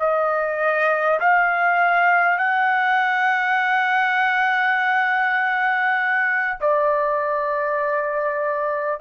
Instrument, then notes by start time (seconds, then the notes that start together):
trumpet
0.00 D#5
1.20 F5
2.38 F#5
6.61 D5